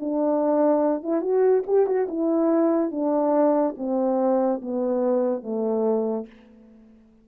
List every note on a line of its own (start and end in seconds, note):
0.00 1.03 D4
1.03 1.22 E4
1.22 1.64 F#4
1.67 1.87 G4
1.87 2.08 F#4
2.08 2.91 E4
2.91 3.75 D4
3.77 4.61 C4
4.62 5.43 B3
5.43 6.27 A3